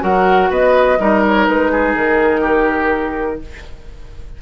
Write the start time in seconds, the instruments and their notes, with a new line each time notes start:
0.00 bassoon F#3, clarinet F#4, oboe A#4, flute F#5
0.50 bassoon B3, oboe B4, flute D#5
0.99 bassoon G3, clarinet D#4, oboe A#4
1.27 flute C#5
1.47 bassoon G#3, flute B4
1.72 oboe G#4
1.95 bassoon D#3, flute A#4
2.41 oboe G4